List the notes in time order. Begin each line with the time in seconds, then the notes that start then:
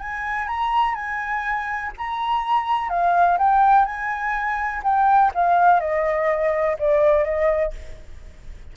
0.00 G#5
0.48 A#5
0.95 G#5
1.98 A#5
2.89 F5
3.38 G5
3.86 G#5
4.83 G5
5.35 F5
5.80 D#5
6.79 D5
7.25 D#5